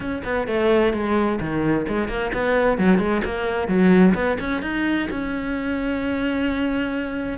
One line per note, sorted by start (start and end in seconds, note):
0.00 0.22 C#4
0.24 0.47 B3
0.47 0.93 A3
0.93 1.39 G#3
1.40 1.86 D#3
1.87 2.08 G#3
2.08 2.31 A#3
2.33 2.78 B3
2.78 2.98 F#3
2.98 3.21 G#3
3.24 3.68 A#3
3.68 4.14 F#3
4.14 4.37 B3
4.40 4.62 C#4
4.62 5.08 D#4
5.10 7.38 C#4